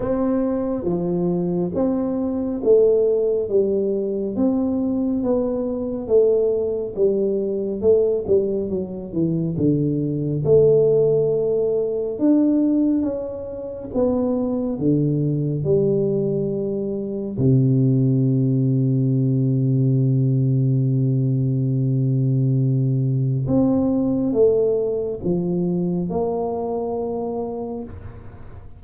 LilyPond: \new Staff \with { instrumentName = "tuba" } { \time 4/4 \tempo 4 = 69 c'4 f4 c'4 a4 | g4 c'4 b4 a4 | g4 a8 g8 fis8 e8 d4 | a2 d'4 cis'4 |
b4 d4 g2 | c1~ | c2. c'4 | a4 f4 ais2 | }